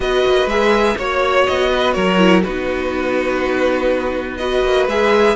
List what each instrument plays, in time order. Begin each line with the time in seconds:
0.00 cello B3, viola F#4, violin B4 D#5
0.26 cello A#3
0.46 cello G#3, viola G#4, violin E5
0.96 cello A#3, viola F#4, violin C#5
1.46 cello B3, violin D#5
1.70 violin B4
1.92 cello F#3, violin A#4 C#5
2.18 viola E4
2.42 cello B3, viola D#4, violin F#4 B4
4.37 viola F#4, violin B4 D#5
4.63 cello A#3
4.87 cello G#3, viola G#4, violin E5